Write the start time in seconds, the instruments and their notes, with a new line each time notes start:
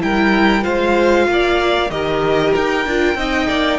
0.00 cello G3, viola E4, violin A#4 G5
0.62 cello G#3, viola F4, violin C5 F5
1.28 cello A#3, violin D5
1.90 cello D#3, viola G4, violin A#4 D#5
2.55 cello D#4, violin G5
2.86 cello D4, viola F4
3.14 cello C4, viola D#4, violin D#5
3.48 cello A#3, violin D5